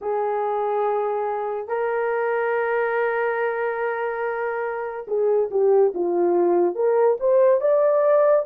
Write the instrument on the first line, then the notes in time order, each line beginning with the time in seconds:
horn
0.01 G#4
1.67 A#4
5.07 G#4
5.50 G4
5.94 F4
6.75 A#4
7.19 C5
7.61 D5